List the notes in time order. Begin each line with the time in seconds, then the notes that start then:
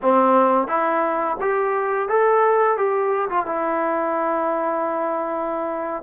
0.02 C4
0.67 E4
1.40 G4
2.08 A4
2.77 G4
3.29 F4
3.45 E4